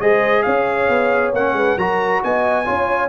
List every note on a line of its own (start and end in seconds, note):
0.00 0.44 G#3
0.00 1.34 G#4
0.00 0.44 C5
0.00 0.43 D#5
0.43 0.88 C#4
0.43 1.55 C#5
0.43 1.31 F5
0.88 1.32 B3
1.33 1.53 A#3
1.33 1.78 C#4
1.33 1.78 F#5
1.53 1.75 G#3
1.53 1.77 B4
1.77 2.21 F#3
1.77 2.65 F#4
1.77 2.21 A#4
1.77 2.22 A#5
2.23 2.68 B3
2.23 2.65 D#5
2.23 3.09 G#5
2.65 3.09 C#4
2.65 3.09 F4
2.65 3.09 C#5